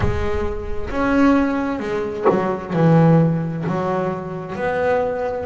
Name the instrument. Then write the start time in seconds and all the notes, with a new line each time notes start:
double bass
0.00 G#3
0.90 C#4
1.79 G#3
2.30 F#3
2.73 E3
3.67 F#3
4.55 B3